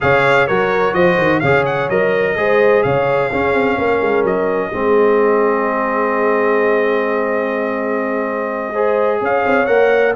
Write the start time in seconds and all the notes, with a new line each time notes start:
0.00 C#3 G#4 C#5 F5
0.47 F#3 F#4 A#4 C#5
0.93 F3 C5 D#5
1.17 D#3
1.39 C#3 G#4 C#5 F5
1.65 F#5
1.89 F#3 A#4 D#5
2.36 G#3 G#4 C5
2.82 C#3 C#5 F5
3.30 C#4 G#4
3.53 C4
3.78 A#3 A#4
4.01 G#3
4.23 F#3 D#5
4.70 G#3 C4 G#4
8.72 G#4 C5
9.21 C#4 C#5 F5
9.45 C4
9.65 A#3 A#4 F#5